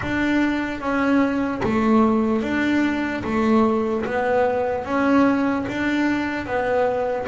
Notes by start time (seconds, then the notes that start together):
0.01 D4
0.80 C#4
1.63 A3
2.42 D4
3.24 A3
4.05 B3
4.84 C#4
5.68 D4
6.45 B3